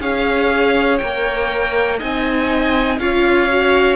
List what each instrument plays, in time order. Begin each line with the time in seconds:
0.00 cello C#4, viola G#4, violin C#5 F5
0.98 cello A#3, viola A#4, violin G5
1.99 cello C4, viola D#4, violin D#5 G#5
2.98 cello C#4, viola F4, violin C#5 F5
3.49 viola F#4